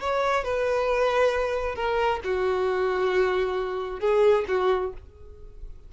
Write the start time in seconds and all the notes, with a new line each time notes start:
0.00 C#5
0.44 B4
1.75 A#4
2.24 F#4
4.00 G#4
4.48 F#4